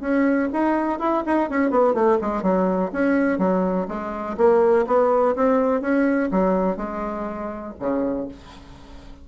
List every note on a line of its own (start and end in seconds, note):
0.00 0.48 C#4
0.53 0.99 D#4
0.99 1.23 E4
1.26 1.49 D#4
1.49 1.70 C#4
1.70 1.94 B3
1.94 2.18 A3
2.21 2.42 G#3
2.42 2.90 F#3
2.92 3.38 C#4
3.38 3.86 F#3
3.88 4.36 G#3
4.37 4.85 A#3
4.87 5.35 B3
5.35 5.81 C4
5.81 6.29 C#4
6.31 6.77 F#3
6.77 7.73 G#3
7.79 8.27 C#3